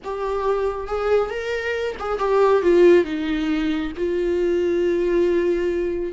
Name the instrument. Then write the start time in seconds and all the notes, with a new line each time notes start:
viola
0.03 G4
0.87 G#4
1.30 A#4
1.99 G#4
2.18 G4
2.62 F4
3.04 D#4
3.96 F4